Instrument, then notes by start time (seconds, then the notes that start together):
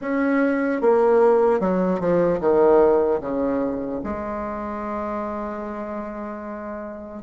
bassoon
0.01 C#4
0.81 A#3
1.60 F#3
2.00 F3
2.40 D#3
3.20 C#3
4.03 G#3